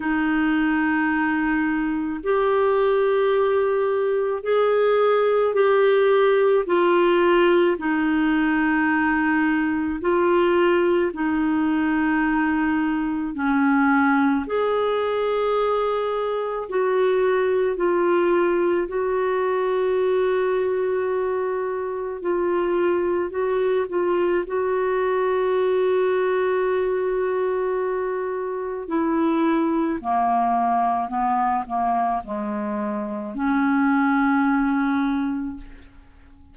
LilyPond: \new Staff \with { instrumentName = "clarinet" } { \time 4/4 \tempo 4 = 54 dis'2 g'2 | gis'4 g'4 f'4 dis'4~ | dis'4 f'4 dis'2 | cis'4 gis'2 fis'4 |
f'4 fis'2. | f'4 fis'8 f'8 fis'2~ | fis'2 e'4 ais4 | b8 ais8 gis4 cis'2 | }